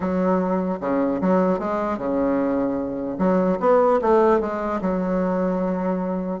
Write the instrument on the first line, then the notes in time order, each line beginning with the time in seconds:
bassoon
0.00 F#3
0.80 C#3
1.21 F#3
1.59 G#3
1.98 C#3
3.18 F#3
3.60 B3
4.01 A3
4.40 G#3
4.81 F#3